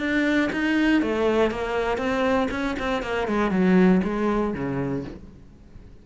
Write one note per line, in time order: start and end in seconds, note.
0.00 0.50 D4
0.53 1.02 D#4
1.02 1.51 A3
1.51 1.98 A#3
1.98 2.48 C4
2.51 2.76 C#4
2.79 3.03 C4
3.03 3.28 A#3
3.28 3.51 G#3
3.51 4.02 F#3
4.04 4.54 G#3
4.54 5.05 C#3